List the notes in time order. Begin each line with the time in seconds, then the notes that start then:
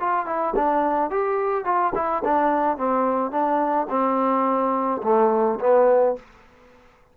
0.00 F4
0.26 E4
0.56 D4
1.10 G4
1.65 F4
1.95 E4
2.24 D4
2.77 C4
3.31 D4
3.89 C4
5.03 A3
5.60 B3